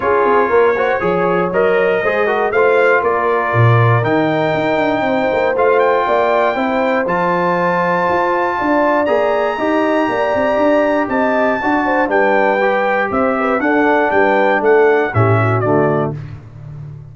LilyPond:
<<
  \new Staff \with { instrumentName = "trumpet" } { \time 4/4 \tempo 4 = 119 cis''2. dis''4~ | dis''4 f''4 d''2 | g''2. f''8 g''8~ | g''2 a''2~ |
a''2 ais''2~ | ais''2 a''2 | g''2 e''4 fis''4 | g''4 fis''4 e''4 d''4 | }
  \new Staff \with { instrumentName = "horn" } { \time 4/4 gis'4 ais'8 c''8 cis''2 | c''8 ais'8 c''4 ais'2~ | ais'2 c''2 | d''4 c''2.~ |
c''4 d''2 dis''4 | d''2 dis''4 d''8 c''8 | b'2 c''8 b'8 a'4 | b'4 a'4 g'8 fis'4. | }
  \new Staff \with { instrumentName = "trombone" } { \time 4/4 f'4. fis'8 gis'4 ais'4 | gis'8 fis'8 f'2. | dis'2. f'4~ | f'4 e'4 f'2~ |
f'2 gis'4 g'4~ | g'2. fis'4 | d'4 g'2 d'4~ | d'2 cis'4 a4 | }
  \new Staff \with { instrumentName = "tuba" } { \time 4/4 cis'8 c'8 ais4 f4 fis4 | gis4 a4 ais4 ais,4 | dis4 dis'8 d'8 c'8 ais8 a4 | ais4 c'4 f2 |
f'4 d'4 ais4 dis'4 | ais8 c'8 d'4 c'4 d'4 | g2 c'4 d'4 | g4 a4 a,4 d4 | }
>>